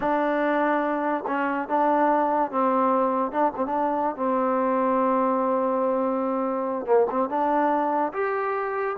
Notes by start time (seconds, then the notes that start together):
0.00 D4
1.27 C#4
1.68 D4
2.51 C4
3.31 D4
3.56 C4
3.66 D4
4.16 C4
6.86 A#3
7.10 C4
7.29 D4
8.12 G4